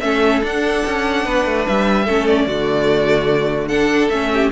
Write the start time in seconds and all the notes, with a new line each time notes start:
0.00 A3 C#4 A4 E5
0.42 D4 F#5
0.86 C#4
1.25 B3 B4
1.46 A3
1.67 G3 E5
2.04 A3 C#4 A4
2.27 D5
2.46 D3 A3 F#4
3.68 D4 A4 F#5
4.09 A3 C#4 E5
4.33 G4